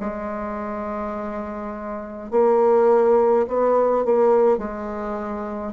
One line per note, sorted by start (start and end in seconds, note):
0.00 2.31 G#3
2.31 3.46 A#3
3.47 4.04 B3
4.04 4.57 A#3
4.57 5.73 G#3